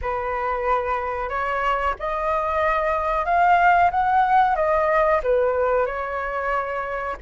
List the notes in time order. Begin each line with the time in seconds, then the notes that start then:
0.01 B4
1.29 C#5
1.99 D#5
3.25 F5
3.90 F#5
4.55 D#5
5.23 B4
5.85 C#5